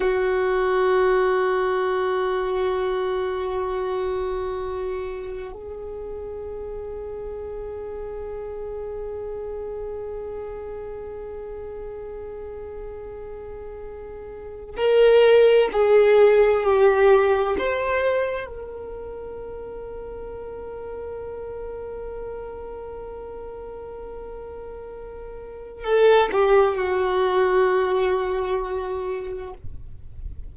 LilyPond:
\new Staff \with { instrumentName = "violin" } { \time 4/4 \tempo 4 = 65 fis'1~ | fis'2 gis'2~ | gis'1~ | gis'1 |
ais'4 gis'4 g'4 c''4 | ais'1~ | ais'1 | a'8 g'8 fis'2. | }